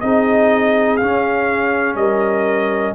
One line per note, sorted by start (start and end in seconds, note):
0.00 1.00 C4
0.00 1.00 D#4
0.00 1.98 G#4
0.00 0.97 D#5
0.97 2.95 C#4
0.97 1.94 C#4
0.97 1.95 F5
1.94 2.93 G3
1.94 2.95 A#4
1.94 2.94 D#5